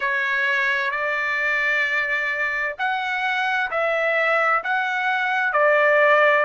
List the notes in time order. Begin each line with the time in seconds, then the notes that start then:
0.00 C#5
0.91 D5
2.78 F#5
3.70 E5
4.63 F#5
5.53 D5